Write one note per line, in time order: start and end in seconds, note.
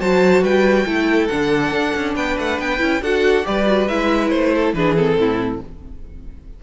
0.00 0.42 F#3
0.00 0.86 F#4
0.00 0.43 C5
0.00 0.44 A5
0.42 0.85 G3
0.42 0.86 B4
0.42 1.28 G5
0.86 1.29 A3
0.86 1.29 E4
0.86 2.15 A4
1.28 1.71 D3
1.28 2.78 D4
1.28 2.14 F#5
1.71 1.93 D4
1.96 2.16 C#4
2.15 2.37 B3
2.15 3.02 B4
2.15 2.38 G5
2.38 2.59 A3
2.38 2.60 F#5
2.59 2.80 B3
2.59 3.03 G5
2.78 3.01 C#4
2.78 3.00 E4
3.01 3.45 D4
3.01 3.43 F#4
3.01 3.45 A4
3.01 3.46 F#5
3.43 3.89 G3
3.43 3.65 G4
3.43 4.54 B4
3.43 3.87 D5
3.65 3.87 F#4
3.87 4.32 G#3
3.87 4.76 E4
3.87 4.29 E5
4.29 4.74 A3
4.29 4.72 C5
4.54 4.75 A4
4.74 5.17 E3
4.74 4.97 D4
4.74 5.19 G#4
4.74 4.95 B4
4.96 5.62 C4
4.96 5.61 A4
5.17 5.60 A2
5.17 5.63 E4